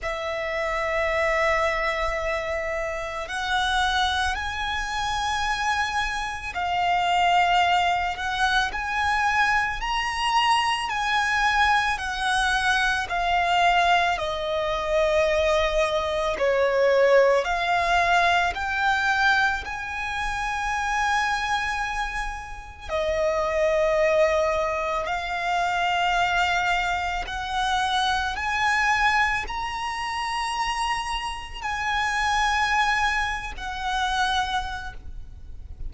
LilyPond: \new Staff \with { instrumentName = "violin" } { \time 4/4 \tempo 4 = 55 e''2. fis''4 | gis''2 f''4. fis''8 | gis''4 ais''4 gis''4 fis''4 | f''4 dis''2 cis''4 |
f''4 g''4 gis''2~ | gis''4 dis''2 f''4~ | f''4 fis''4 gis''4 ais''4~ | ais''4 gis''4.~ gis''16 fis''4~ fis''16 | }